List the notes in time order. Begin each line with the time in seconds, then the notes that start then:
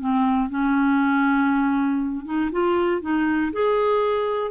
0.00 C4
0.50 C#4
2.26 D#4
2.52 F4
3.01 D#4
3.53 G#4